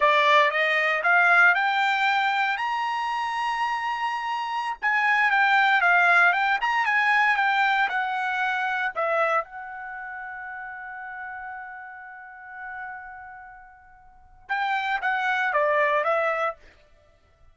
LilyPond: \new Staff \with { instrumentName = "trumpet" } { \time 4/4 \tempo 4 = 116 d''4 dis''4 f''4 g''4~ | g''4 ais''2.~ | ais''4~ ais''16 gis''4 g''4 f''8.~ | f''16 g''8 ais''8 gis''4 g''4 fis''8.~ |
fis''4~ fis''16 e''4 fis''4.~ fis''16~ | fis''1~ | fis''1 | g''4 fis''4 d''4 e''4 | }